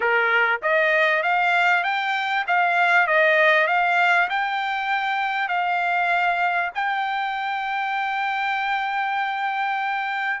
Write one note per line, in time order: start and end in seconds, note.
0.00 0.60 A#4
0.62 1.22 D#5
1.22 1.83 F5
1.83 2.44 G5
2.47 3.07 F5
3.07 3.67 D#5
3.67 4.28 F5
4.29 5.48 G5
5.48 6.70 F5
6.74 10.40 G5